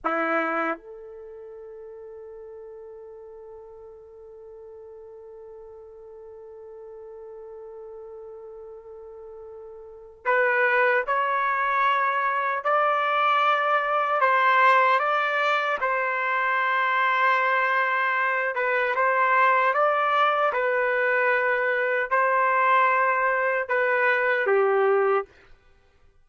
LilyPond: \new Staff \with { instrumentName = "trumpet" } { \time 4/4 \tempo 4 = 76 e'4 a'2.~ | a'1~ | a'1~ | a'4 b'4 cis''2 |
d''2 c''4 d''4 | c''2.~ c''8 b'8 | c''4 d''4 b'2 | c''2 b'4 g'4 | }